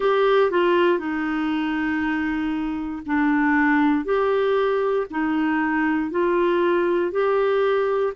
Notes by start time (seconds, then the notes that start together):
0.00 G4
0.50 F4
0.98 D#4
3.06 D4
4.04 G4
5.10 D#4
6.10 F4
7.11 G4